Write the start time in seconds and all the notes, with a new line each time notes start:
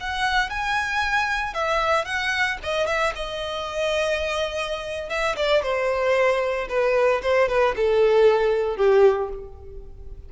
0.00 F#5
0.50 G#5
1.54 E5
2.05 F#5
2.63 D#5
2.87 E5
3.15 D#5
5.10 E5
5.36 D5
5.63 C5
6.69 B4
7.22 C5
7.49 B4
7.76 A4
8.77 G4